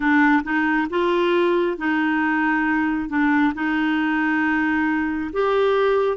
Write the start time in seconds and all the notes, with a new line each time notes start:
0.00 D4
0.43 D#4
0.89 F4
1.77 D#4
3.09 D4
3.54 D#4
5.33 G4